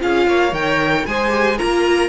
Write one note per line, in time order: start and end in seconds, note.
0.00 0.27 C#4
0.00 0.52 F4
0.00 0.27 G#4
0.00 0.54 F5
0.27 0.53 A#3
0.27 1.06 C#5
0.52 1.05 D#3
0.52 1.04 A#4
0.52 1.07 G5
1.07 1.60 G#3
1.07 1.30 G#4
1.07 1.58 C5
1.07 1.59 G#5
1.30 1.56 G4
1.58 2.10 A#3
1.58 2.10 F4
1.58 2.10 A#4
1.58 2.10 A#5